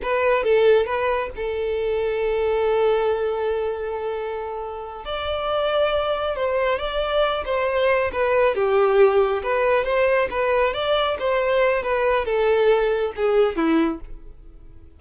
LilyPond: \new Staff \with { instrumentName = "violin" } { \time 4/4 \tempo 4 = 137 b'4 a'4 b'4 a'4~ | a'1~ | a'2.~ a'8 d''8~ | d''2~ d''8 c''4 d''8~ |
d''4 c''4. b'4 g'8~ | g'4. b'4 c''4 b'8~ | b'8 d''4 c''4. b'4 | a'2 gis'4 e'4 | }